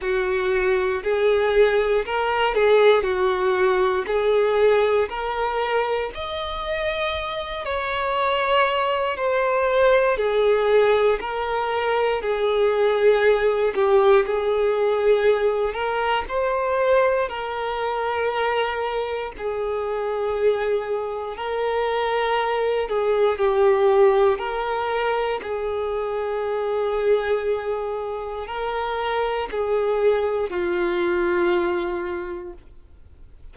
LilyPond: \new Staff \with { instrumentName = "violin" } { \time 4/4 \tempo 4 = 59 fis'4 gis'4 ais'8 gis'8 fis'4 | gis'4 ais'4 dis''4. cis''8~ | cis''4 c''4 gis'4 ais'4 | gis'4. g'8 gis'4. ais'8 |
c''4 ais'2 gis'4~ | gis'4 ais'4. gis'8 g'4 | ais'4 gis'2. | ais'4 gis'4 f'2 | }